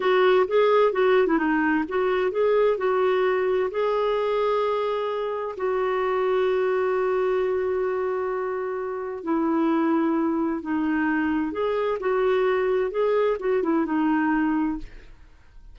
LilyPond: \new Staff \with { instrumentName = "clarinet" } { \time 4/4 \tempo 4 = 130 fis'4 gis'4 fis'8. e'16 dis'4 | fis'4 gis'4 fis'2 | gis'1 | fis'1~ |
fis'1 | e'2. dis'4~ | dis'4 gis'4 fis'2 | gis'4 fis'8 e'8 dis'2 | }